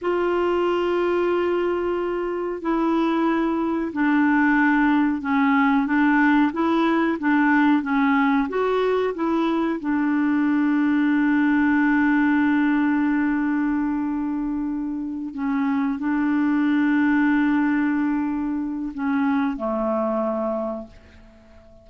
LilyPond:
\new Staff \with { instrumentName = "clarinet" } { \time 4/4 \tempo 4 = 92 f'1 | e'2 d'2 | cis'4 d'4 e'4 d'4 | cis'4 fis'4 e'4 d'4~ |
d'1~ | d'2.~ d'8 cis'8~ | cis'8 d'2.~ d'8~ | d'4 cis'4 a2 | }